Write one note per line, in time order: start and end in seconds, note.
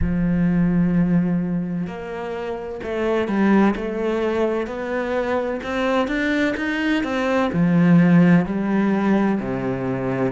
0.01 1.87 F3
1.87 2.80 A#3
2.83 3.28 A3
3.28 3.75 G3
3.76 4.66 A3
4.66 5.60 B3
5.63 6.07 C4
6.07 6.54 D4
6.56 7.03 D#4
7.03 7.50 C4
7.53 8.45 F3
8.45 9.39 G3
9.40 10.32 C3